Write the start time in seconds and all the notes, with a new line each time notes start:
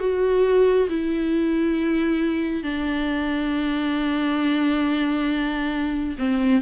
0.00 F#4
0.90 E4
2.64 D4
6.19 C4